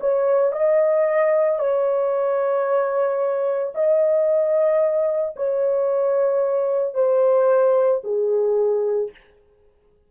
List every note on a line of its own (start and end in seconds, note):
0.00 0.52 C#5
0.52 1.59 D#5
1.59 3.73 C#5
3.75 5.35 D#5
5.36 6.94 C#5
6.94 8.01 C5
8.04 9.11 G#4